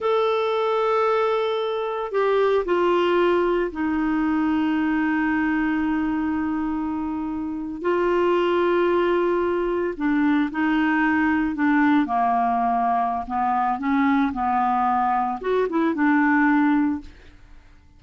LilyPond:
\new Staff \with { instrumentName = "clarinet" } { \time 4/4 \tempo 4 = 113 a'1 | g'4 f'2 dis'4~ | dis'1~ | dis'2~ dis'8. f'4~ f'16~ |
f'2~ f'8. d'4 dis'16~ | dis'4.~ dis'16 d'4 ais4~ ais16~ | ais4 b4 cis'4 b4~ | b4 fis'8 e'8 d'2 | }